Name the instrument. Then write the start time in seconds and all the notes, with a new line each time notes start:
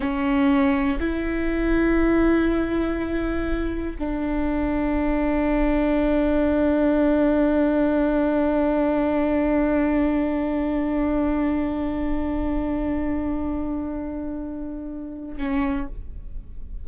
viola
0.00 C#4
0.99 E4
3.98 D4
15.37 C#4